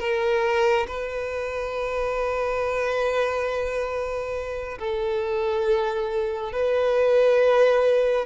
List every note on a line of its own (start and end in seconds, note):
0.00 0.87 A#4
0.88 4.79 B4
4.79 6.53 A4
6.53 8.26 B4